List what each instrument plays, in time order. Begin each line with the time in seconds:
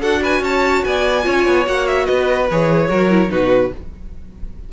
0.00 cello D4, viola F#4, violin A4 F#5
0.22 violin B4 G#5
0.41 cello C#4, violin C#5 A5
0.84 cello B3, violin D5 G#5
1.23 cello C#4, viola F4, violin C#5
1.47 cello B3
1.66 cello A#3, viola F#4, violin F#5
1.87 violin E5
2.05 cello B3, violin B4 D#5
2.51 cello E3, viola G#4, violin C#5
2.89 cello F#3, viola F#4, violin A#4
3.10 viola E4
3.29 cello B2, viola D#4, violin F#4 B4